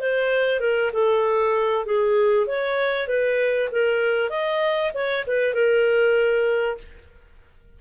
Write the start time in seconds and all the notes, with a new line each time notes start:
0.00 C5
0.60 A#4
0.93 A4
1.86 G#4
2.47 C#5
3.08 B4
3.72 A#4
4.30 D#5
4.94 C#5
5.27 B4
5.54 A#4